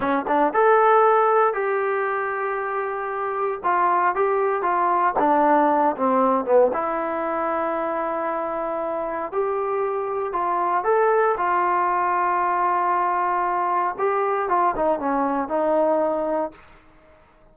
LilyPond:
\new Staff \with { instrumentName = "trombone" } { \time 4/4 \tempo 4 = 116 cis'8 d'8 a'2 g'4~ | g'2. f'4 | g'4 f'4 d'4. c'8~ | c'8 b8 e'2.~ |
e'2 g'2 | f'4 a'4 f'2~ | f'2. g'4 | f'8 dis'8 cis'4 dis'2 | }